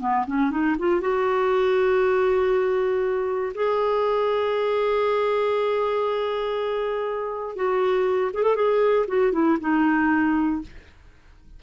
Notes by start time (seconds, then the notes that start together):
0.00 B3
0.27 C#4
0.51 D#4
0.79 F4
1.00 F#4
3.54 G#4
7.56 F#4
8.34 G#4
8.43 A4
8.55 G#4
9.07 F#4
9.32 E4
9.61 D#4